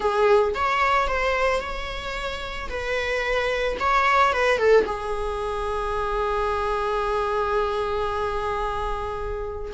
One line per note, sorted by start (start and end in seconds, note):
0.00 0.54 G#4
0.54 1.07 C#5
1.07 1.60 C5
1.60 2.68 C#5
2.69 3.77 B4
3.79 4.32 C#5
4.32 4.57 B4
4.57 4.85 A4
4.86 9.72 G#4